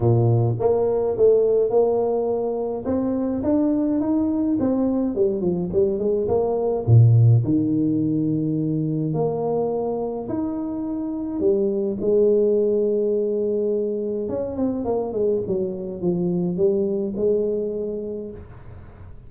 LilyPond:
\new Staff \with { instrumentName = "tuba" } { \time 4/4 \tempo 4 = 105 ais,4 ais4 a4 ais4~ | ais4 c'4 d'4 dis'4 | c'4 g8 f8 g8 gis8 ais4 | ais,4 dis2. |
ais2 dis'2 | g4 gis2.~ | gis4 cis'8 c'8 ais8 gis8 fis4 | f4 g4 gis2 | }